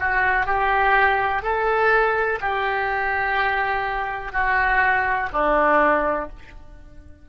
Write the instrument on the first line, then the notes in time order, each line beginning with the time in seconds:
oboe
0.00 F#4
0.46 G4
1.43 A4
2.41 G4
4.32 F#4
5.33 D4